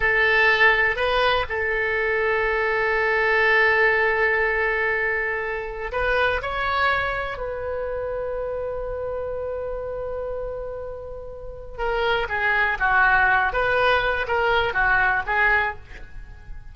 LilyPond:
\new Staff \with { instrumentName = "oboe" } { \time 4/4 \tempo 4 = 122 a'2 b'4 a'4~ | a'1~ | a'1 | b'4 cis''2 b'4~ |
b'1~ | b'1 | ais'4 gis'4 fis'4. b'8~ | b'4 ais'4 fis'4 gis'4 | }